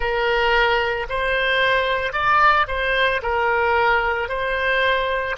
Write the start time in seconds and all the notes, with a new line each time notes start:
0.00 A#4
1.09 C5
2.12 D5
2.67 C5
3.22 A#4
4.29 C5